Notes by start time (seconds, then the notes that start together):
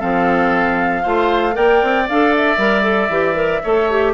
0.00 F3 C4 A4 F5
1.03 A3 F4 C5
1.53 A#3 A#4 D5 G5
1.83 C4
2.09 D4 A4 F5
2.36 E5
2.58 G3 A#4
2.82 A4
3.09 E3 G4
3.34 A#4
3.63 A3 A4 C#5
3.91 G4